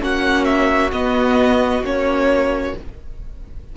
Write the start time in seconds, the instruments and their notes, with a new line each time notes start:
0.00 cello A#3, viola C#4, violin F#4 F#5
0.45 violin E5
0.92 cello B3, viola B3, violin D#5
1.82 cello A#3, viola C#4, violin C#5